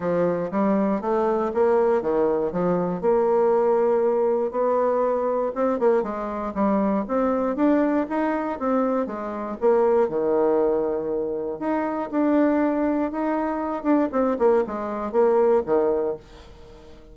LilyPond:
\new Staff \with { instrumentName = "bassoon" } { \time 4/4 \tempo 4 = 119 f4 g4 a4 ais4 | dis4 f4 ais2~ | ais4 b2 c'8 ais8 | gis4 g4 c'4 d'4 |
dis'4 c'4 gis4 ais4 | dis2. dis'4 | d'2 dis'4. d'8 | c'8 ais8 gis4 ais4 dis4 | }